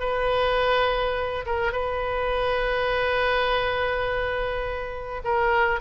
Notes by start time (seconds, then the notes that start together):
0.00 B4
1.46 A#4
1.72 B4
5.25 A#4